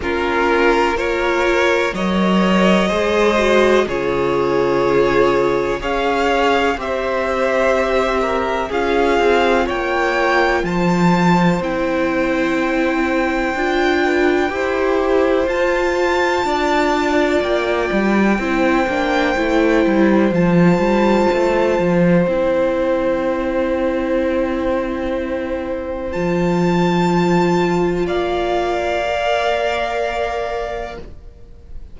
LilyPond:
<<
  \new Staff \with { instrumentName = "violin" } { \time 4/4 \tempo 4 = 62 ais'4 cis''4 dis''2 | cis''2 f''4 e''4~ | e''4 f''4 g''4 a''4 | g''1 |
a''2 g''2~ | g''4 a''2 g''4~ | g''2. a''4~ | a''4 f''2. | }
  \new Staff \with { instrumentName = "violin" } { \time 4/4 f'4 ais'4 cis''4 c''4 | gis'2 cis''4 c''4~ | c''8 ais'8 gis'4 cis''4 c''4~ | c''2~ c''8 b'8 c''4~ |
c''4 d''2 c''4~ | c''1~ | c''1~ | c''4 d''2. | }
  \new Staff \with { instrumentName = "viola" } { \time 4/4 cis'4 f'4 ais'4 gis'8 fis'8 | f'2 gis'4 g'4~ | g'4 f'2. | e'2 f'4 g'4 |
f'2. e'8 d'8 | e'4 f'2 e'4~ | e'2. f'4~ | f'2 ais'2 | }
  \new Staff \with { instrumentName = "cello" } { \time 4/4 ais2 fis4 gis4 | cis2 cis'4 c'4~ | c'4 cis'8 c'8 ais4 f4 | c'2 d'4 e'4 |
f'4 d'4 ais8 g8 c'8 ais8 | a8 g8 f8 g8 a8 f8 c'4~ | c'2. f4~ | f4 ais2. | }
>>